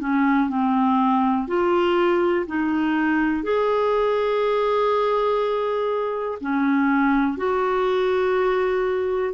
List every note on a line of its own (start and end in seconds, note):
0.00 0.49 C#4
0.49 1.48 C4
1.48 2.46 F4
2.47 3.43 D#4
3.43 6.38 G#4
6.41 7.37 C#4
7.37 9.34 F#4